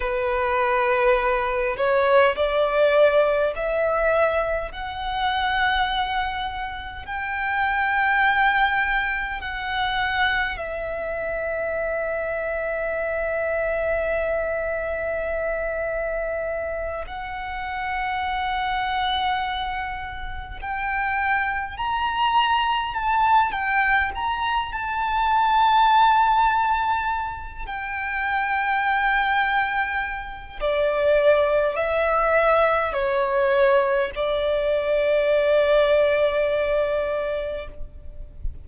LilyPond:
\new Staff \with { instrumentName = "violin" } { \time 4/4 \tempo 4 = 51 b'4. cis''8 d''4 e''4 | fis''2 g''2 | fis''4 e''2.~ | e''2~ e''8 fis''4.~ |
fis''4. g''4 ais''4 a''8 | g''8 ais''8 a''2~ a''8 g''8~ | g''2 d''4 e''4 | cis''4 d''2. | }